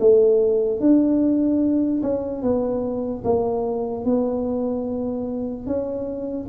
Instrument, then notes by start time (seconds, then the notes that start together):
tuba
0.00 A3
0.80 D4
2.03 C#4
2.43 B3
3.24 A#3
4.05 B3
5.67 C#4